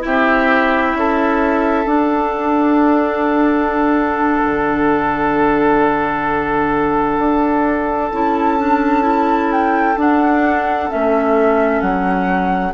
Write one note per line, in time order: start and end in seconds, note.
0.00 0.94 C4
0.00 1.85 E4
0.00 0.97 G4
0.00 1.88 E5
0.94 1.86 C#4
0.94 12.74 A4
1.86 4.39 D4
1.86 8.09 D4
1.86 8.11 F#5
4.43 7.18 D3
7.18 8.11 D4
8.12 9.96 C#4
8.12 8.59 E4
8.12 9.52 A5
8.59 9.02 D4
9.02 9.94 E4
9.52 9.98 G5
9.96 10.89 D4
9.96 10.91 F#5
10.89 11.81 A3
10.89 12.73 C#4
10.89 11.81 E5
11.81 12.73 F#3
11.81 12.73 F#5